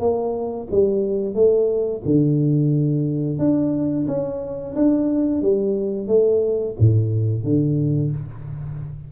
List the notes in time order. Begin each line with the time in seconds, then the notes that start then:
0.00 A#3
0.71 G3
1.35 A3
2.05 D3
3.39 D4
4.08 C#4
4.76 D4
5.42 G3
6.07 A3
6.79 A2
7.44 D3